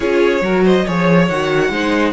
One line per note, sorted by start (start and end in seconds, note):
0.00 0.41 C#4
0.00 0.42 F4
0.00 0.42 G#4
0.00 0.64 C#5
0.41 0.84 F#3
0.41 0.86 F#4
0.41 0.63 A#4
0.63 0.85 C5
0.63 0.87 D#5
0.85 1.30 F3
0.85 1.30 G#4
0.85 1.71 C#5
0.85 1.28 C#5
1.28 1.69 D#3
1.28 1.72 F#4
1.28 2.12 F#5
1.69 2.12 G#3
1.69 2.12 D#4
1.69 2.12 C5